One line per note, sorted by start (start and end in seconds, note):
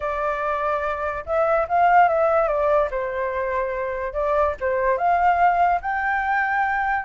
0.00 1.24 D5
1.25 1.67 E5
1.68 2.08 F5
2.08 2.48 E5
2.48 2.89 D5
2.90 4.13 C5
4.13 4.54 D5
4.60 4.97 C5
4.97 5.80 F5
5.81 7.04 G5